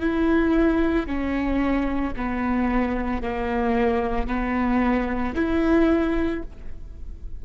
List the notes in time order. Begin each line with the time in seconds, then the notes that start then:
0.00 E4
1.06 C#4
2.16 B3
3.22 A#3
4.27 B3
5.35 E4